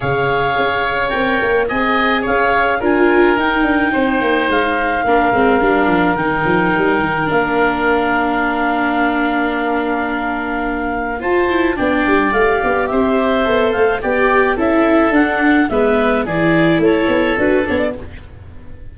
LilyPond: <<
  \new Staff \with { instrumentName = "clarinet" } { \time 4/4 \tempo 4 = 107 f''2 g''4 gis''4 | f''4 gis''4 g''2 | f''2. g''4~ | g''4 f''2.~ |
f''1 | a''4 g''4 f''4 e''4~ | e''8 f''8 g''4 e''4 fis''4 | e''4 d''4 cis''4 b'8 cis''16 d''16 | }
  \new Staff \with { instrumentName = "oboe" } { \time 4/4 cis''2. dis''4 | cis''4 ais'2 c''4~ | c''4 ais'2.~ | ais'1~ |
ais'1 | c''4 d''2 c''4~ | c''4 d''4 a'2 | b'4 gis'4 a'2 | }
  \new Staff \with { instrumentName = "viola" } { \time 4/4 gis'2 ais'4 gis'4~ | gis'4 f'4 dis'2~ | dis'4 d'8 c'8 d'4 dis'4~ | dis'4 d'2.~ |
d'1 | f'8 e'8 d'4 g'2 | a'4 g'4 e'4 d'4 | b4 e'2 fis'8 d'8 | }
  \new Staff \with { instrumentName = "tuba" } { \time 4/4 cis4 cis'4 c'8 ais8 c'4 | cis'4 d'4 dis'8 d'8 c'8 ais8 | gis4 ais8 gis8 g8 f8 dis8 f8 | g8 dis8 ais2.~ |
ais1 | f'4 b8 g8 a8 b8 c'4 | b8 a8 b4 cis'4 d'4 | gis4 e4 a8 b8 d'8 b8 | }
>>